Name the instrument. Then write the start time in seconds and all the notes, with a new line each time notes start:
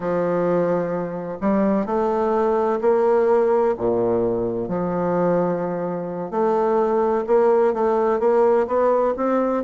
bassoon
0.00 F3
1.40 G3
1.85 A3
2.81 A#3
3.78 A#2
4.68 F3
6.31 A3
7.27 A#3
7.73 A3
8.19 A#3
8.67 B3
9.16 C4